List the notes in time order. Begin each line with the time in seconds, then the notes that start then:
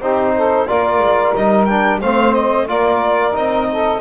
0.00 C4 D#4 G4 C5
0.37 A4
0.67 A#3 F4 A#4 D5
0.99 G#3
1.35 G3 D#4 D#5
1.65 D4 G5
2.00 A3 C4 C5 F5
2.34 D#5
2.68 A#3 F4 A#4 D5
3.31 C4 D#4 D#5
3.72 A4